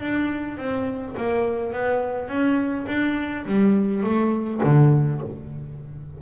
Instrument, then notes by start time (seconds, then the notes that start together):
double bass
0.00 D4
0.57 C4
1.17 A#3
1.73 B3
2.28 C#4
2.87 D4
3.46 G3
4.03 A3
4.63 D3